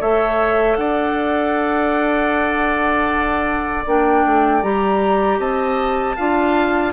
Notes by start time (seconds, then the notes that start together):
0.00 A3 A4 C#5 E5
0.76 D4 D5 F#5
3.86 A#3 D4 G5
4.25 A3
4.62 G3 G4 A#5
5.38 C4 D#5 A5
6.16 D4 F4 F5